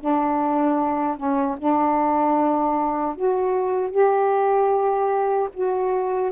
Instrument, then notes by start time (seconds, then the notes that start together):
saxophone
0.00 D4
1.17 C#4
1.58 D4
3.16 F#4
3.91 G4
5.54 F#4